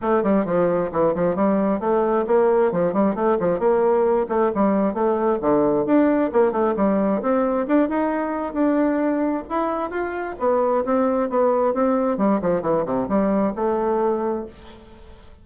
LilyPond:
\new Staff \with { instrumentName = "bassoon" } { \time 4/4 \tempo 4 = 133 a8 g8 f4 e8 f8 g4 | a4 ais4 f8 g8 a8 f8 | ais4. a8 g4 a4 | d4 d'4 ais8 a8 g4 |
c'4 d'8 dis'4. d'4~ | d'4 e'4 f'4 b4 | c'4 b4 c'4 g8 f8 | e8 c8 g4 a2 | }